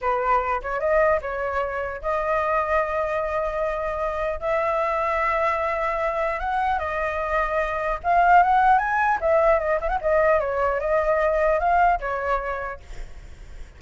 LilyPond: \new Staff \with { instrumentName = "flute" } { \time 4/4 \tempo 4 = 150 b'4. cis''8 dis''4 cis''4~ | cis''4 dis''2.~ | dis''2. e''4~ | e''1 |
fis''4 dis''2. | f''4 fis''4 gis''4 e''4 | dis''8 e''16 fis''16 dis''4 cis''4 dis''4~ | dis''4 f''4 cis''2 | }